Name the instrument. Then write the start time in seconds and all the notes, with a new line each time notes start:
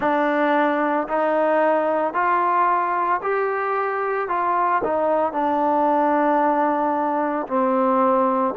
trombone
0.00 D4
1.08 D#4
2.13 F4
3.22 G4
4.28 F4
4.83 D#4
5.32 D4
7.47 C4